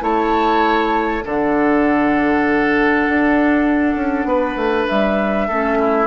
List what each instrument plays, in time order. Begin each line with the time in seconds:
0.00 bassoon A3, clarinet E4, oboe C#5, flute A5
1.25 bassoon D3, clarinet D4, oboe A4, flute F#5
3.08 bassoon D4
3.95 bassoon C#4
4.25 bassoon B3, oboe B4
4.56 bassoon A3
4.88 bassoon G3, flute E5
5.48 bassoon A3, clarinet C#4, oboe A4
5.79 oboe E4